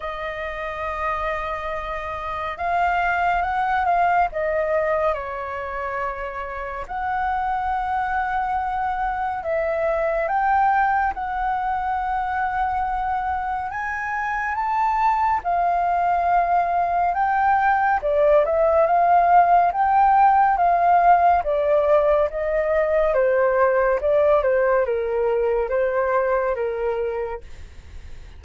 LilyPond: \new Staff \with { instrumentName = "flute" } { \time 4/4 \tempo 4 = 70 dis''2. f''4 | fis''8 f''8 dis''4 cis''2 | fis''2. e''4 | g''4 fis''2. |
gis''4 a''4 f''2 | g''4 d''8 e''8 f''4 g''4 | f''4 d''4 dis''4 c''4 | d''8 c''8 ais'4 c''4 ais'4 | }